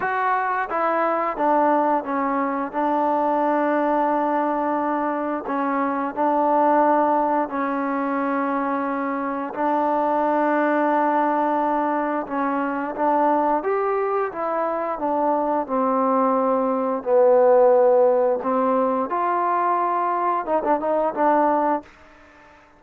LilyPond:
\new Staff \with { instrumentName = "trombone" } { \time 4/4 \tempo 4 = 88 fis'4 e'4 d'4 cis'4 | d'1 | cis'4 d'2 cis'4~ | cis'2 d'2~ |
d'2 cis'4 d'4 | g'4 e'4 d'4 c'4~ | c'4 b2 c'4 | f'2 dis'16 d'16 dis'8 d'4 | }